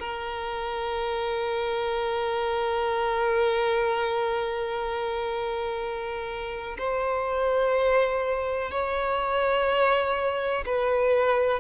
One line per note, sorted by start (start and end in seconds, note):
0.00 6.77 A#4
6.79 8.71 C5
8.71 10.65 C#5
10.66 11.60 B4